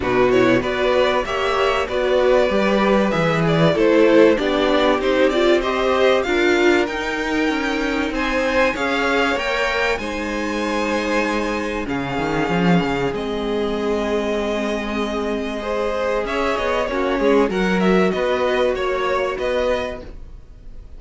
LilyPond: <<
  \new Staff \with { instrumentName = "violin" } { \time 4/4 \tempo 4 = 96 b'8 cis''8 d''4 e''4 d''4~ | d''4 e''8 d''8 c''4 d''4 | c''8 d''8 dis''4 f''4 g''4~ | g''4 gis''4 f''4 g''4 |
gis''2. f''4~ | f''4 dis''2.~ | dis''2 e''8 dis''8 cis''4 | fis''8 e''8 dis''4 cis''4 dis''4 | }
  \new Staff \with { instrumentName = "violin" } { \time 4/4 fis'4 b'4 cis''4 b'4~ | b'2 a'4 g'4~ | g'4 c''4 ais'2~ | ais'4 c''4 cis''2 |
c''2. gis'4~ | gis'1~ | gis'4 c''4 cis''4 fis'8 gis'8 | ais'4 b'4 cis''4 b'4 | }
  \new Staff \with { instrumentName = "viola" } { \time 4/4 d'8 e'8 fis'4 g'4 fis'4 | g'4 gis'4 e'4 d'4 | dis'8 f'8 g'4 f'4 dis'4~ | dis'2 gis'4 ais'4 |
dis'2. cis'4~ | cis'4 c'2.~ | c'4 gis'2 cis'4 | fis'1 | }
  \new Staff \with { instrumentName = "cello" } { \time 4/4 b,4 b4 ais4 b4 | g4 e4 a4 b4 | c'2 d'4 dis'4 | cis'4 c'4 cis'4 ais4 |
gis2. cis8 dis8 | f8 cis8 gis2.~ | gis2 cis'8 b8 ais8 gis8 | fis4 b4 ais4 b4 | }
>>